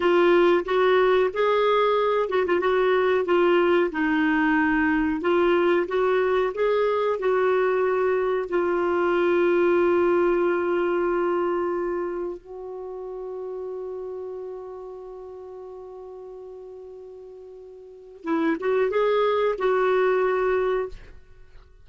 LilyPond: \new Staff \with { instrumentName = "clarinet" } { \time 4/4 \tempo 4 = 92 f'4 fis'4 gis'4. fis'16 f'16 | fis'4 f'4 dis'2 | f'4 fis'4 gis'4 fis'4~ | fis'4 f'2.~ |
f'2. fis'4~ | fis'1~ | fis'1 | e'8 fis'8 gis'4 fis'2 | }